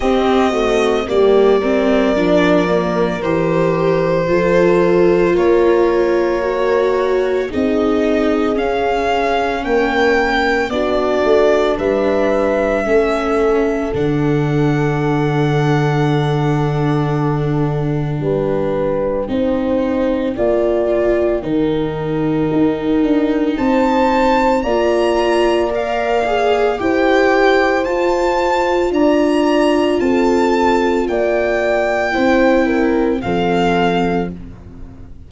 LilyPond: <<
  \new Staff \with { instrumentName = "violin" } { \time 4/4 \tempo 4 = 56 dis''4 d''2 c''4~ | c''4 cis''2 dis''4 | f''4 g''4 d''4 e''4~ | e''4 fis''2.~ |
fis''4 g''2.~ | g''2 a''4 ais''4 | f''4 g''4 a''4 ais''4 | a''4 g''2 f''4 | }
  \new Staff \with { instrumentName = "horn" } { \time 4/4 g'8 fis'8 g'8 ais'2~ ais'8 | a'4 ais'2 gis'4~ | gis'4 ais'4 fis'4 b'4 | a'1~ |
a'4 b'4 c''4 d''4 | ais'2 c''4 d''4~ | d''4 c''2 d''4 | a'4 d''4 c''8 ais'8 a'4 | }
  \new Staff \with { instrumentName = "viola" } { \time 4/4 c'8 a8 ais8 c'8 d'8 ais8 g'4 | f'2 fis'4 dis'4 | cis'2 d'2 | cis'4 d'2.~ |
d'2 dis'4 f'4 | dis'2. f'4 | ais'8 gis'8 g'4 f'2~ | f'2 e'4 c'4 | }
  \new Staff \with { instrumentName = "tuba" } { \time 4/4 c'4 g4 f4 e4 | f4 ais2 c'4 | cis'4 ais4 b8 a8 g4 | a4 d2.~ |
d4 g4 c'4 ais4 | dis4 dis'8 d'8 c'4 ais4~ | ais4 e'4 f'4 d'4 | c'4 ais4 c'4 f4 | }
>>